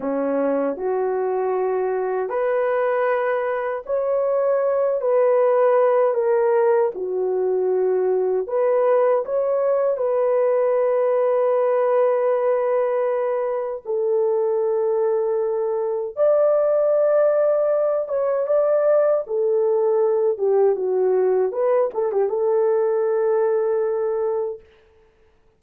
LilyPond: \new Staff \with { instrumentName = "horn" } { \time 4/4 \tempo 4 = 78 cis'4 fis'2 b'4~ | b'4 cis''4. b'4. | ais'4 fis'2 b'4 | cis''4 b'2.~ |
b'2 a'2~ | a'4 d''2~ d''8 cis''8 | d''4 a'4. g'8 fis'4 | b'8 a'16 g'16 a'2. | }